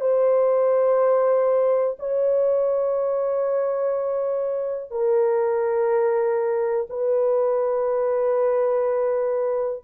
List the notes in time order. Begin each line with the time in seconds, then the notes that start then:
0.00 C5
1.99 C#5
4.90 A#4
6.89 B4